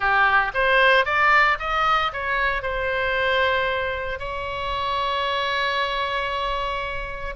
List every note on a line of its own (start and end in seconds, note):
0.00 0.52 G4
0.54 1.05 C5
1.05 1.58 D5
1.59 2.11 D#5
2.12 2.62 C#5
2.62 4.19 C5
4.19 7.35 C#5